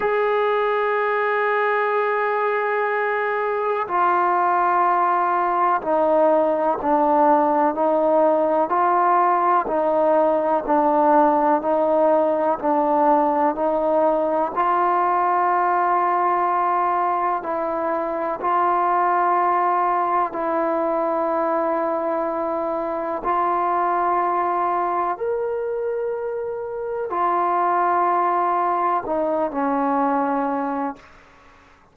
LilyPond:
\new Staff \with { instrumentName = "trombone" } { \time 4/4 \tempo 4 = 62 gis'1 | f'2 dis'4 d'4 | dis'4 f'4 dis'4 d'4 | dis'4 d'4 dis'4 f'4~ |
f'2 e'4 f'4~ | f'4 e'2. | f'2 ais'2 | f'2 dis'8 cis'4. | }